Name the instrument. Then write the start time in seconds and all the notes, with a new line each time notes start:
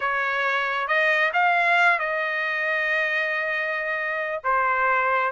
trumpet
0.00 C#5
0.87 D#5
1.33 F5
1.99 D#5
4.43 C5